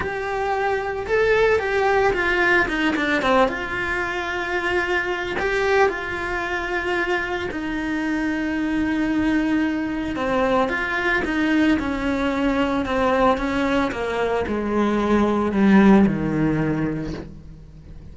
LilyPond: \new Staff \with { instrumentName = "cello" } { \time 4/4 \tempo 4 = 112 g'2 a'4 g'4 | f'4 dis'8 d'8 c'8 f'4.~ | f'2 g'4 f'4~ | f'2 dis'2~ |
dis'2. c'4 | f'4 dis'4 cis'2 | c'4 cis'4 ais4 gis4~ | gis4 g4 dis2 | }